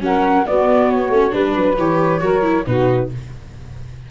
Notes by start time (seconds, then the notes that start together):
0.00 F#3 C#4 A#4 F#5
0.47 B3 F#4 D5
0.91 C#5
1.10 A3 C#4
1.31 G3 D4 B4
1.57 F#3
1.78 E3 G4 C#5
2.21 F#3 F#4 A#4
2.42 E4
2.66 B2 D#4 F#4 B4